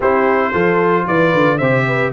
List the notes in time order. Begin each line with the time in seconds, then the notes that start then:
0.00 C4 E4 G4 C5
0.52 F3 F4 A4
1.07 E3 B4 D5
1.34 D3
1.58 C3 G4 C5 E5
1.87 B4